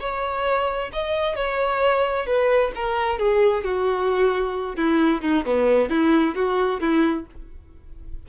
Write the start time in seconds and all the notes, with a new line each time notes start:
0.00 C#5
0.93 D#5
1.36 C#5
2.26 B4
2.75 A#4
3.19 G#4
3.64 F#4
4.76 E4
5.22 D#4
5.45 B3
5.90 E4
6.35 F#4
6.80 E4